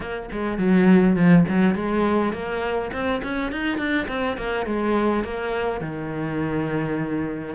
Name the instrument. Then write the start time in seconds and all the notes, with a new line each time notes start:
cello
0.00 A#3
0.32 G#3
0.58 F#3
1.15 F3
1.47 F#3
1.75 G#3
2.32 A#3
2.92 C4
3.23 C#4
3.52 D#4
3.77 D4
4.08 C4
4.37 A#3
4.66 G#3
5.23 A#3
5.80 D#3